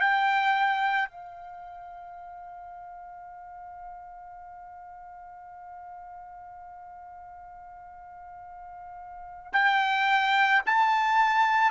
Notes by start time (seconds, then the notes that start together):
0.00 G5
1.09 F5
9.53 G5
10.66 A5